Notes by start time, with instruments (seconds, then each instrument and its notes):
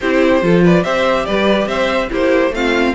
0.00 cello C4, viola E4, violin G4 C5
0.42 cello F3, viola F4, violin A4
0.63 violin B4 D5
0.83 cello C4, viola G4, violin C5 E5
1.25 cello G3, violin B4 D5
1.66 cello C4, violin C5 E5
2.09 cello A#3, viola E4, violin G4 C5
2.50 cello A3, viola C4, violin F4 F5